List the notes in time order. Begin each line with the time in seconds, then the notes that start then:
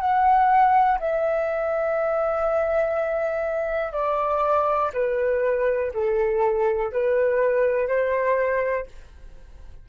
0.00 F#5
0.99 E5
3.93 D5
4.94 B4
5.94 A4
6.92 B4
7.88 C5